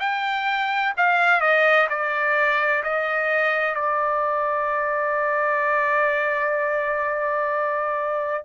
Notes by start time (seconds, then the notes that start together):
0.00 G5
0.97 F5
1.41 D#5
1.90 D5
2.83 D#5
3.75 D5